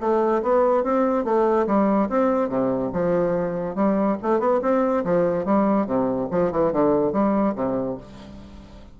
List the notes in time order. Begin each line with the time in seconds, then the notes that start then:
0.00 A3
0.42 B3
0.83 C4
1.25 A3
1.67 G3
2.09 C4
2.49 C3
2.93 F3
3.75 G3
4.22 A3
4.39 B3
4.62 C4
5.04 F3
5.45 G3
5.86 C3
6.31 F3
6.52 E3
6.72 D3
7.12 G3
7.55 C3